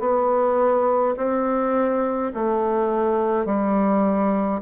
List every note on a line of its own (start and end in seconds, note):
0.00 1.15 B3
1.17 2.32 C4
2.35 3.46 A3
3.46 4.62 G3